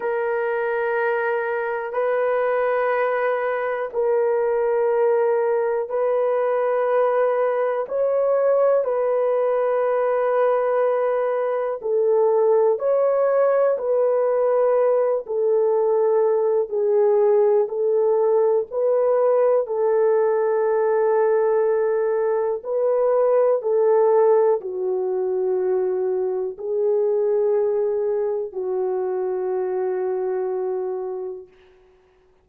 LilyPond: \new Staff \with { instrumentName = "horn" } { \time 4/4 \tempo 4 = 61 ais'2 b'2 | ais'2 b'2 | cis''4 b'2. | a'4 cis''4 b'4. a'8~ |
a'4 gis'4 a'4 b'4 | a'2. b'4 | a'4 fis'2 gis'4~ | gis'4 fis'2. | }